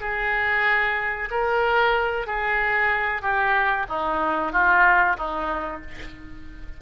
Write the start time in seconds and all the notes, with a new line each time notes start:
0.00 G#4
1.30 A#4
2.26 G#4
3.22 G4
3.89 D#4
4.52 F4
5.17 D#4